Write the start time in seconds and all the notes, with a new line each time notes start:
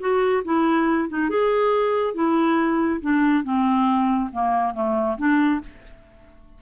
0.00 F#4
0.45 E4
1.09 D#4
1.29 G#4
2.14 E4
3.01 D4
3.44 C4
4.32 A#3
4.74 A3
5.18 D4